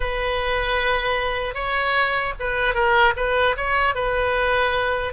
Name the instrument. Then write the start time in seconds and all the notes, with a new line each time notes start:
oboe
0.00 B4
1.54 C#5
2.39 B4
2.74 A#4
3.16 B4
3.56 C#5
3.94 B4